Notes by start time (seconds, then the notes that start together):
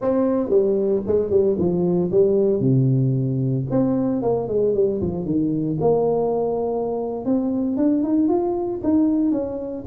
0.01 C4
0.49 G3
1.06 G#3
1.30 G3
1.58 F3
2.11 G3
2.60 C3
3.70 C4
4.22 A#3
4.48 G#3
4.74 G3
5.01 F3
5.25 D#3
5.81 A#3
7.25 C4
7.76 D4
8.03 D#4
8.28 F4
8.83 D#4
9.31 C#4